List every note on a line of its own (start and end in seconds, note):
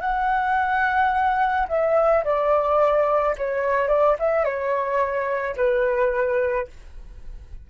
0.00 1.67 F#5
1.68 2.24 E5
2.24 3.35 D5
3.37 3.88 C#5
3.88 4.16 D5
4.19 4.44 E5
4.44 5.55 C#5
5.56 6.67 B4